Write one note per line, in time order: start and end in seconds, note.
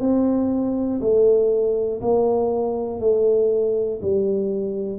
0.00 1.00 C4
1.00 2.00 A3
2.01 3.00 A#3
3.00 4.00 A3
4.02 4.99 G3